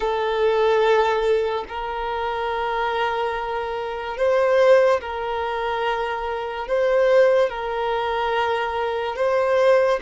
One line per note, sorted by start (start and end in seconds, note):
0.00 1.64 A4
1.68 4.17 A#4
4.17 5.00 C5
5.00 6.67 A#4
6.67 7.49 C5
7.49 9.16 A#4
9.16 9.99 C5